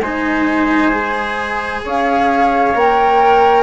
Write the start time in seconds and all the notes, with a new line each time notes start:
0.00 G#3 D#4 C5 G#5
0.92 G#4
1.85 C#4 C#5 F5
2.74 A#3 A#4 G5